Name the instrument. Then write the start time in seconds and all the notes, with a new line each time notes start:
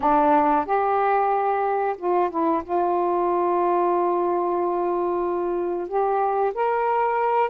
saxophone
0.00 D4
0.65 G4
1.97 F4
2.30 E4
2.64 F4
5.88 G4
6.54 A#4